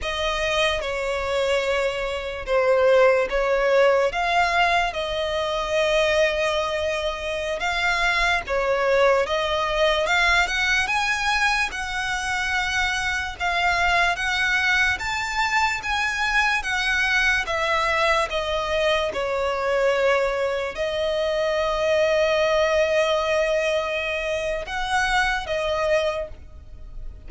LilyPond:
\new Staff \with { instrumentName = "violin" } { \time 4/4 \tempo 4 = 73 dis''4 cis''2 c''4 | cis''4 f''4 dis''2~ | dis''4~ dis''16 f''4 cis''4 dis''8.~ | dis''16 f''8 fis''8 gis''4 fis''4.~ fis''16~ |
fis''16 f''4 fis''4 a''4 gis''8.~ | gis''16 fis''4 e''4 dis''4 cis''8.~ | cis''4~ cis''16 dis''2~ dis''8.~ | dis''2 fis''4 dis''4 | }